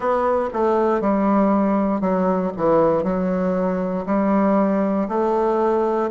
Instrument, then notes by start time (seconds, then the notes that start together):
bassoon
0.00 B3
0.53 A3
1.00 G3
2.01 F#3
2.57 E3
3.03 F#3
4.06 G3
5.08 A3